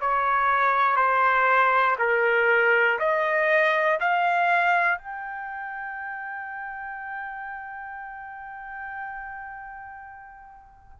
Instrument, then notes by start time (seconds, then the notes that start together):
trumpet
0.00 C#5
0.96 C5
1.98 A#4
2.99 D#5
4.00 F5
4.98 G5